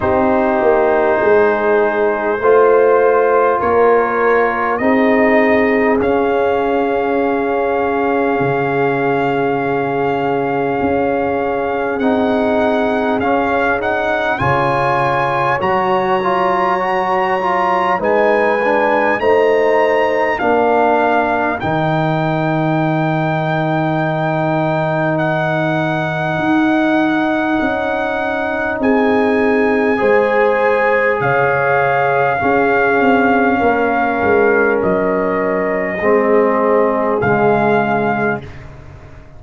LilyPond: <<
  \new Staff \with { instrumentName = "trumpet" } { \time 4/4 \tempo 4 = 50 c''2. cis''4 | dis''4 f''2.~ | f''2 fis''4 f''8 fis''8 | gis''4 ais''2 gis''4 |
ais''4 f''4 g''2~ | g''4 fis''2. | gis''2 f''2~ | f''4 dis''2 f''4 | }
  \new Staff \with { instrumentName = "horn" } { \time 4/4 g'4 gis'4 c''4 ais'4 | gis'1~ | gis'1 | cis''2. b'4 |
c''4 ais'2.~ | ais'1 | gis'4 c''4 cis''4 gis'4 | ais'2 gis'2 | }
  \new Staff \with { instrumentName = "trombone" } { \time 4/4 dis'2 f'2 | dis'4 cis'2.~ | cis'2 dis'4 cis'8 dis'8 | f'4 fis'8 f'8 fis'8 f'8 dis'8 d'8 |
dis'4 d'4 dis'2~ | dis'1~ | dis'4 gis'2 cis'4~ | cis'2 c'4 gis4 | }
  \new Staff \with { instrumentName = "tuba" } { \time 4/4 c'8 ais8 gis4 a4 ais4 | c'4 cis'2 cis4~ | cis4 cis'4 c'4 cis'4 | cis4 fis2 gis4 |
a4 ais4 dis2~ | dis2 dis'4 cis'4 | c'4 gis4 cis4 cis'8 c'8 | ais8 gis8 fis4 gis4 cis4 | }
>>